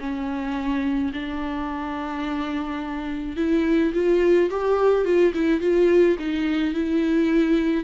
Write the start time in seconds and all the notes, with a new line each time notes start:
0.00 C#4
1.13 D4
3.37 E4
3.94 F4
4.50 G4
5.05 F4
5.34 E4
5.61 F4
6.19 D#4
6.74 E4